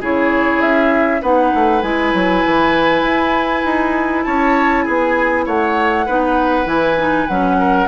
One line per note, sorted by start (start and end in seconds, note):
0.00 0.61 C#3
0.00 1.21 E4
0.00 1.21 G#4
0.00 0.61 C#5
0.61 1.21 C#4
0.61 1.21 E5
1.21 1.52 B3
1.21 1.82 D#4
1.21 4.25 B4
1.21 1.82 F#5
1.54 1.82 A3
1.82 2.13 G#3
1.82 6.06 E4
1.82 4.23 G#5
2.14 2.44 F#3
2.45 3.02 E3
3.02 3.62 E4
3.65 4.25 D#4
4.23 4.87 C#4
4.23 4.84 C#5
4.23 4.84 A5
4.84 5.46 B3
4.84 5.45 G#4
4.84 5.44 G#5
5.45 6.07 A3
5.45 6.06 C#5
5.45 6.68 F#5
6.06 6.65 B3
6.06 6.66 D#4
6.06 7.57 B4
6.65 7.26 E3
6.65 6.96 E4
6.65 7.27 G#5
6.98 7.28 D#4
7.27 7.87 F#3
7.27 7.87 C#4
7.27 7.87 F#5
7.58 7.87 A#4